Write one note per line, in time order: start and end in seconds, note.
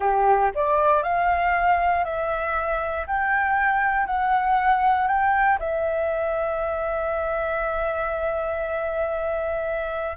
0.00 0.51 G4
0.54 1.02 D5
1.02 2.04 F5
2.04 3.06 E5
3.06 4.06 G5
4.06 5.07 F#5
5.07 5.58 G5
5.59 10.16 E5